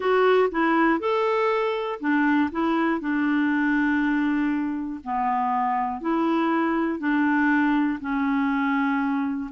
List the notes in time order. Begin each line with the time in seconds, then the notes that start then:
0.00 F#4
0.51 E4
0.99 A4
2.00 D4
2.51 E4
3.00 D4
5.04 B3
6.00 E4
6.99 D4
8.00 C#4